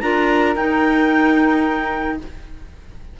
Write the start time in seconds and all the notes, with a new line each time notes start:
0.00 D4 F4 A#4 A#5
0.55 D#4 G5